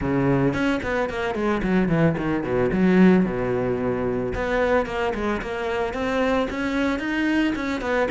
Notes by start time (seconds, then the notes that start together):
0.01 C#3
0.53 C#4
0.83 B3
1.09 A#3
1.34 G#3
1.62 F#3
1.88 E3
2.17 D#3
2.43 B2
2.72 F#3
3.25 B2
4.34 B3
4.86 A#3
5.14 G#3
5.41 A#3
5.93 C4
6.50 C#4
6.99 D#4
7.55 C#4
7.81 B3